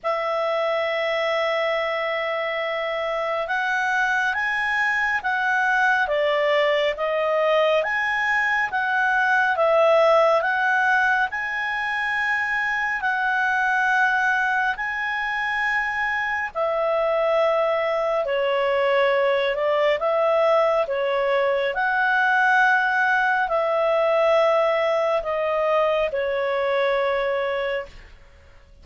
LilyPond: \new Staff \with { instrumentName = "clarinet" } { \time 4/4 \tempo 4 = 69 e''1 | fis''4 gis''4 fis''4 d''4 | dis''4 gis''4 fis''4 e''4 | fis''4 gis''2 fis''4~ |
fis''4 gis''2 e''4~ | e''4 cis''4. d''8 e''4 | cis''4 fis''2 e''4~ | e''4 dis''4 cis''2 | }